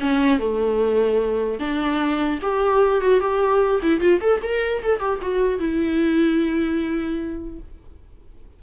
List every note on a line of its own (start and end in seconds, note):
0.00 0.39 C#4
0.39 1.59 A3
1.59 2.39 D4
2.42 3.01 G4
3.01 3.20 F#4
3.20 3.80 G4
3.82 4.00 E4
4.00 4.20 F4
4.21 4.41 A4
4.42 4.82 A#4
4.83 4.99 A4
4.99 5.19 G4
5.21 5.59 F#4
5.59 7.59 E4